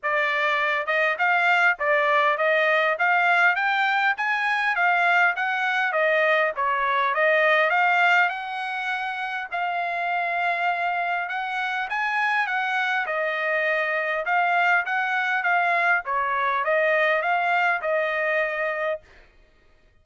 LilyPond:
\new Staff \with { instrumentName = "trumpet" } { \time 4/4 \tempo 4 = 101 d''4. dis''8 f''4 d''4 | dis''4 f''4 g''4 gis''4 | f''4 fis''4 dis''4 cis''4 | dis''4 f''4 fis''2 |
f''2. fis''4 | gis''4 fis''4 dis''2 | f''4 fis''4 f''4 cis''4 | dis''4 f''4 dis''2 | }